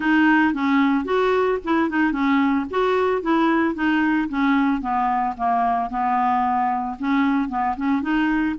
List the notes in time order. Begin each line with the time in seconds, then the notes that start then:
0.00 D#4
0.53 C#4
1.04 F#4
1.64 E4
1.89 D#4
2.12 C#4
2.70 F#4
3.22 E4
3.75 D#4
4.28 C#4
4.81 B3
5.37 A#3
5.90 B3
6.99 C#4
7.49 B3
7.76 C#4
8.02 D#4